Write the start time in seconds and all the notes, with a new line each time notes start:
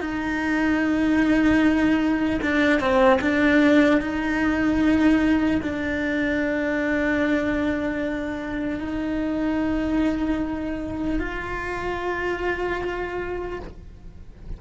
0.00 D#4
2.41 D4
2.80 C4
3.21 D4
4.01 D#4
5.62 D4
8.80 D#4
11.19 F4